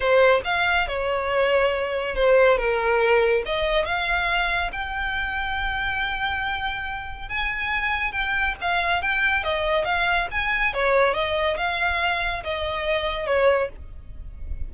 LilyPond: \new Staff \with { instrumentName = "violin" } { \time 4/4 \tempo 4 = 140 c''4 f''4 cis''2~ | cis''4 c''4 ais'2 | dis''4 f''2 g''4~ | g''1~ |
g''4 gis''2 g''4 | f''4 g''4 dis''4 f''4 | gis''4 cis''4 dis''4 f''4~ | f''4 dis''2 cis''4 | }